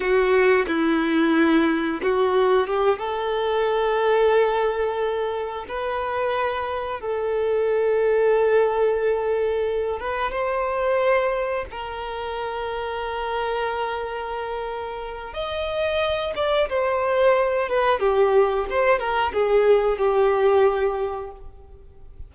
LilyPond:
\new Staff \with { instrumentName = "violin" } { \time 4/4 \tempo 4 = 90 fis'4 e'2 fis'4 | g'8 a'2.~ a'8~ | a'8 b'2 a'4.~ | a'2. b'8 c''8~ |
c''4. ais'2~ ais'8~ | ais'2. dis''4~ | dis''8 d''8 c''4. b'8 g'4 | c''8 ais'8 gis'4 g'2 | }